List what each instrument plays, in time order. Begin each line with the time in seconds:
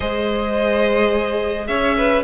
0.00 cello G#3, viola G#4, violin C5 D#5
1.67 cello C#4, violin C#5 E5
1.97 violin B4